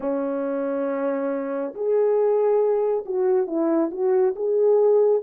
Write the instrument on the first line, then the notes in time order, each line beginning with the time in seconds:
horn
0.00 C#4
1.74 G#4
3.05 F#4
3.47 E4
3.91 F#4
4.35 G#4